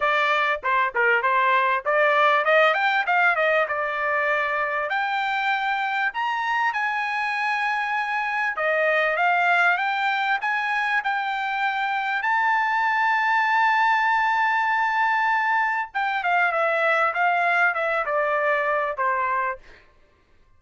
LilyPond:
\new Staff \with { instrumentName = "trumpet" } { \time 4/4 \tempo 4 = 98 d''4 c''8 ais'8 c''4 d''4 | dis''8 g''8 f''8 dis''8 d''2 | g''2 ais''4 gis''4~ | gis''2 dis''4 f''4 |
g''4 gis''4 g''2 | a''1~ | a''2 g''8 f''8 e''4 | f''4 e''8 d''4. c''4 | }